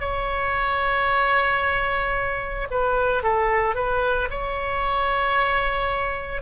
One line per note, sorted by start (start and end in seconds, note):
0.00 2.68 C#5
2.70 3.23 B4
3.23 3.75 A4
3.75 4.29 B4
4.30 6.41 C#5